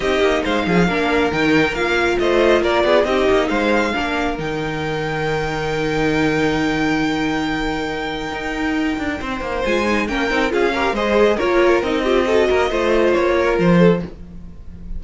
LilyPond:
<<
  \new Staff \with { instrumentName = "violin" } { \time 4/4 \tempo 4 = 137 dis''4 f''2 g''4 | f''4 dis''4 d''4 dis''4 | f''2 g''2~ | g''1~ |
g''1~ | g''2 gis''4 g''4 | f''4 dis''4 cis''4 dis''4~ | dis''2 cis''4 c''4 | }
  \new Staff \with { instrumentName = "violin" } { \time 4/4 g'4 c''8 gis'8 ais'2~ | ais'4 c''4 ais'8 gis'8 g'4 | c''4 ais'2.~ | ais'1~ |
ais'1~ | ais'4 c''2 ais'4 | gis'8 ais'8 c''4 ais'4. g'8 | a'8 ais'8 c''4. ais'4 a'8 | }
  \new Staff \with { instrumentName = "viola" } { \time 4/4 dis'2 d'4 dis'4 | f'2. dis'4~ | dis'4 d'4 dis'2~ | dis'1~ |
dis'1~ | dis'2 f'8 dis'8 cis'8 dis'8 | f'8 g'8 gis'4 f'4 dis'8 f'8 | fis'4 f'2. | }
  \new Staff \with { instrumentName = "cello" } { \time 4/4 c'8 ais8 gis8 f8 ais4 dis4 | ais4 a4 ais8 b8 c'8 ais8 | gis4 ais4 dis2~ | dis1~ |
dis2. dis'4~ | dis'8 d'8 c'8 ais8 gis4 ais8 c'8 | cis'4 gis4 ais4 c'4~ | c'8 ais8 a4 ais4 f4 | }
>>